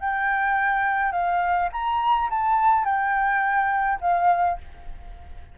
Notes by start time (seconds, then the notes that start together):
0.00 G5
1.12 F5
1.72 A#5
2.30 A5
2.85 G5
4.01 F5